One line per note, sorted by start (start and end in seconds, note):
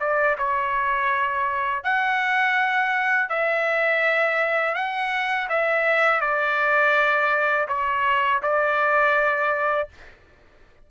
0.00 0.37 D5
0.38 1.83 C#5
1.83 3.29 F#5
3.29 4.75 E5
4.75 5.48 F#5
5.49 6.21 E5
6.21 7.67 D5
7.68 8.41 C#5
8.42 9.89 D5